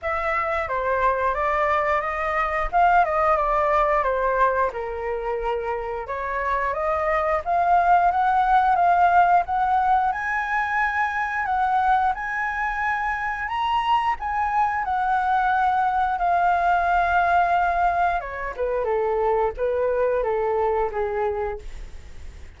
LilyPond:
\new Staff \with { instrumentName = "flute" } { \time 4/4 \tempo 4 = 89 e''4 c''4 d''4 dis''4 | f''8 dis''8 d''4 c''4 ais'4~ | ais'4 cis''4 dis''4 f''4 | fis''4 f''4 fis''4 gis''4~ |
gis''4 fis''4 gis''2 | ais''4 gis''4 fis''2 | f''2. cis''8 b'8 | a'4 b'4 a'4 gis'4 | }